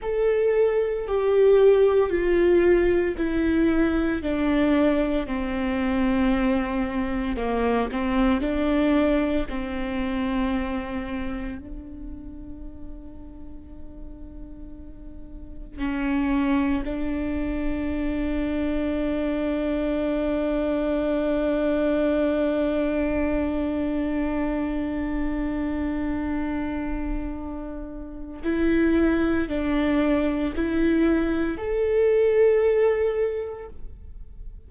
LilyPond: \new Staff \with { instrumentName = "viola" } { \time 4/4 \tempo 4 = 57 a'4 g'4 f'4 e'4 | d'4 c'2 ais8 c'8 | d'4 c'2 d'4~ | d'2. cis'4 |
d'1~ | d'1~ | d'2. e'4 | d'4 e'4 a'2 | }